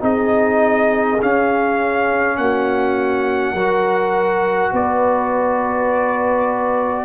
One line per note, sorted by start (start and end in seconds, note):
0.00 1.20 C4
0.00 1.18 D#4
0.00 2.37 G#4
0.00 1.21 D#5
1.21 3.56 C#4
1.21 2.38 C#4
1.21 2.37 F5
2.37 3.54 A#3
2.37 3.54 F#4
2.37 4.73 F#5
3.54 4.72 F#3
3.54 7.05 F#4
3.54 4.72 A#4
4.73 7.05 B3
4.73 7.05 B4
4.73 7.05 D5